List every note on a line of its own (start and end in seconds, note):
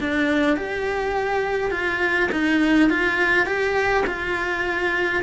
0.00 0.56 D4
0.56 1.71 G4
1.71 2.29 F4
2.31 2.90 D#4
2.90 3.46 F4
3.46 4.04 G4
4.06 5.23 F4